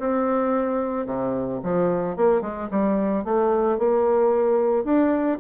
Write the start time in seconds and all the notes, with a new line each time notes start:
0.00 C4
1.06 C3
1.64 F3
2.17 A#3
2.42 G#3
2.71 G3
3.25 A3
3.79 A#3
4.85 D4